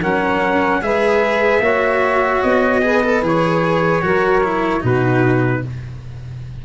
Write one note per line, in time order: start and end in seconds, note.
0.00 0.81 F#3
0.00 0.81 C#4
0.00 0.80 A#4
0.00 0.82 F#5
0.81 1.59 G#3
0.81 1.61 G#4
0.81 1.61 B4
0.81 2.42 E5
1.59 2.39 A#3
1.59 2.82 F#4
1.59 2.81 C#5
2.42 3.21 B3
2.42 3.22 D#5
2.82 3.02 G#4
2.82 4.03 B4
3.02 3.22 A4
3.21 4.01 E3
3.21 4.02 G#4
3.21 4.85 C#5
4.02 4.82 F#3
4.02 4.42 F#4
4.02 4.81 A#4
4.43 4.80 E4
4.80 5.63 B2
4.80 5.60 D#4
4.80 5.61 F#4
4.80 5.65 B4